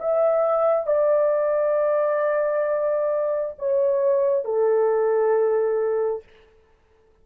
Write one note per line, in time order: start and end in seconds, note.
0.00 0.87 E5
0.87 3.55 D5
3.59 4.45 C#5
4.45 6.24 A4